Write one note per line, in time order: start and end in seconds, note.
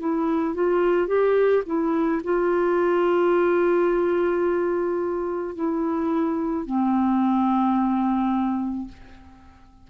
0.00 0.55 E4
0.55 1.08 F4
1.08 1.63 G4
1.66 2.22 E4
2.24 5.56 F4
5.56 6.66 E4
6.66 8.88 C4